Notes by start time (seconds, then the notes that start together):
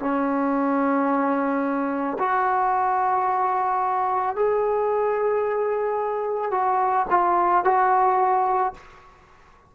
0.00 C#4
2.19 F#4
4.36 G#4
6.52 F#4
7.11 F4
7.65 F#4